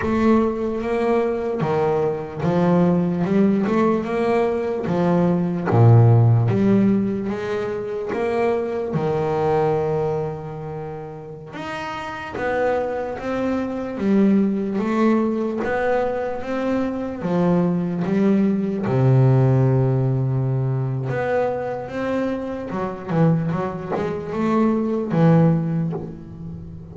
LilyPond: \new Staff \with { instrumentName = "double bass" } { \time 4/4 \tempo 4 = 74 a4 ais4 dis4 f4 | g8 a8 ais4 f4 ais,4 | g4 gis4 ais4 dis4~ | dis2~ dis16 dis'4 b8.~ |
b16 c'4 g4 a4 b8.~ | b16 c'4 f4 g4 c8.~ | c2 b4 c'4 | fis8 e8 fis8 gis8 a4 e4 | }